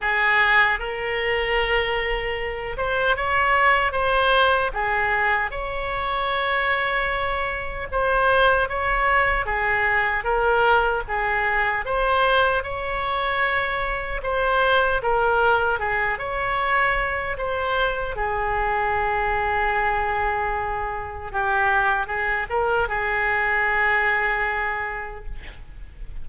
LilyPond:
\new Staff \with { instrumentName = "oboe" } { \time 4/4 \tempo 4 = 76 gis'4 ais'2~ ais'8 c''8 | cis''4 c''4 gis'4 cis''4~ | cis''2 c''4 cis''4 | gis'4 ais'4 gis'4 c''4 |
cis''2 c''4 ais'4 | gis'8 cis''4. c''4 gis'4~ | gis'2. g'4 | gis'8 ais'8 gis'2. | }